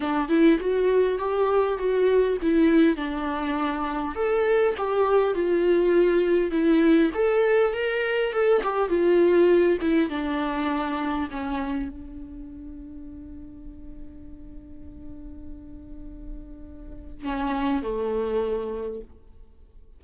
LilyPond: \new Staff \with { instrumentName = "viola" } { \time 4/4 \tempo 4 = 101 d'8 e'8 fis'4 g'4 fis'4 | e'4 d'2 a'4 | g'4 f'2 e'4 | a'4 ais'4 a'8 g'8 f'4~ |
f'8 e'8 d'2 cis'4 | d'1~ | d'1~ | d'4 cis'4 a2 | }